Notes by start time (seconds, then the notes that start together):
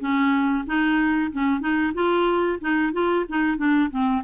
0.00 C#4
0.67 D#4
1.32 C#4
1.61 D#4
1.94 F4
2.61 D#4
2.93 F4
3.29 D#4
3.58 D4
3.90 C4